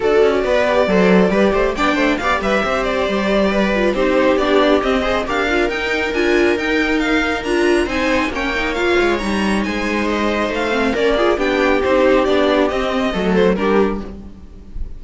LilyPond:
<<
  \new Staff \with { instrumentName = "violin" } { \time 4/4 \tempo 4 = 137 d''1 | g''4 f''8 e''4 d''4.~ | d''4 c''4 d''4 dis''4 | f''4 g''4 gis''4 g''4 |
f''4 ais''4 gis''4 g''4 | f''4 ais''4 gis''4 dis''4 | f''4 d''4 g''4 c''4 | d''4 dis''4. c''8 ais'4 | }
  \new Staff \with { instrumentName = "viola" } { \time 4/4 a'4 b'4 c''4 b'8 c''8 | d''8 c''8 d''8 b'8 c''2 | b'4 g'2~ g'8 c''8 | ais'1~ |
ais'2 c''4 cis''4~ | cis''2 c''2~ | c''4 ais'8 gis'8 g'2~ | g'2 a'4 g'4 | }
  \new Staff \with { instrumentName = "viola" } { \time 4/4 fis'4. g'8 a'4 g'4 | d'4 g'2.~ | g'8 f'8 dis'4 d'4 c'8 gis'8 | g'8 f'8 dis'4 f'4 dis'4~ |
dis'4 f'4 dis'4 cis'8 dis'8 | f'4 dis'2.~ | dis'8 c'8 cis'8 f'8 d'4 dis'4 | d'4 c'4 a4 d'4 | }
  \new Staff \with { instrumentName = "cello" } { \time 4/4 d'8 cis'8 b4 fis4 g8 a8 | b8 a8 b8 g8 c'4 g4~ | g4 c'4 b4 c'4 | d'4 dis'4 d'4 dis'4~ |
dis'4 d'4 c'4 ais4~ | ais8 gis8 g4 gis2 | a4 ais4 b4 c'4 | b4 c'4 fis4 g4 | }
>>